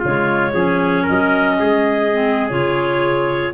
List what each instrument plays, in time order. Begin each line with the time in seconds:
0.00 tuba C#3, clarinet G#3 C#5, trumpet F4
0.54 tuba F3, clarinet C#4, trumpet G#4
1.03 trumpet A#4, clarinet D#5
1.10 tuba F#3
1.60 tuba G#3, trumpet G#4
2.13 clarinet C4
2.49 tuba C#3, clarinet F4 C#5